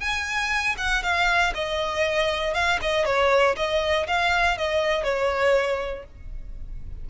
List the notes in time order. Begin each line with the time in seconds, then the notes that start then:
0.00 G#5
0.77 F#5
1.03 F5
1.54 D#5
2.54 F5
2.82 D#5
3.05 C#5
3.56 D#5
4.07 F5
4.58 D#5
5.04 C#5